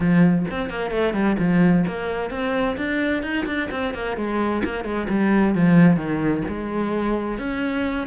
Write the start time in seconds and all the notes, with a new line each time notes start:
0.00 F3
0.51 C4
0.69 A#3
0.90 A3
1.13 G3
1.38 F3
1.87 A#3
2.30 C4
2.77 D4
3.22 D#4
3.46 D4
3.70 C4
3.94 A#3
4.16 G#3
4.64 A#3
4.84 G#3
5.09 G3
5.54 F3
5.96 D#3
6.48 G#3
7.38 C#4